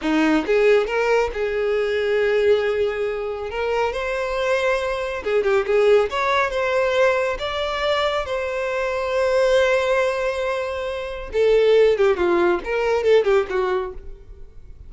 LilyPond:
\new Staff \with { instrumentName = "violin" } { \time 4/4 \tempo 4 = 138 dis'4 gis'4 ais'4 gis'4~ | gis'1 | ais'4 c''2. | gis'8 g'8 gis'4 cis''4 c''4~ |
c''4 d''2 c''4~ | c''1~ | c''2 a'4. g'8 | f'4 ais'4 a'8 g'8 fis'4 | }